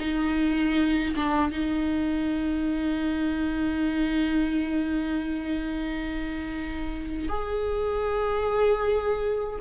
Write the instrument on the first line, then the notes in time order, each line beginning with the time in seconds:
viola
0.00 D#4
1.16 D4
1.52 D#4
7.29 G#4